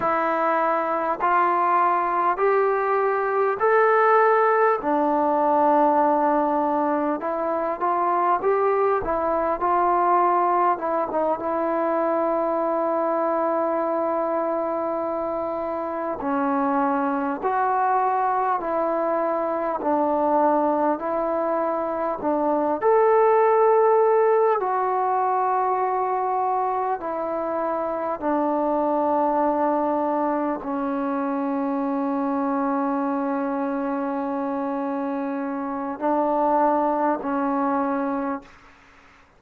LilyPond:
\new Staff \with { instrumentName = "trombone" } { \time 4/4 \tempo 4 = 50 e'4 f'4 g'4 a'4 | d'2 e'8 f'8 g'8 e'8 | f'4 e'16 dis'16 e'2~ e'8~ | e'4. cis'4 fis'4 e'8~ |
e'8 d'4 e'4 d'8 a'4~ | a'8 fis'2 e'4 d'8~ | d'4. cis'2~ cis'8~ | cis'2 d'4 cis'4 | }